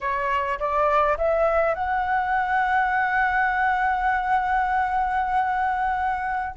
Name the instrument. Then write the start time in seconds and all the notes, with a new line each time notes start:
flute
0.00 C#5
0.59 D5
1.17 E5
1.74 F#5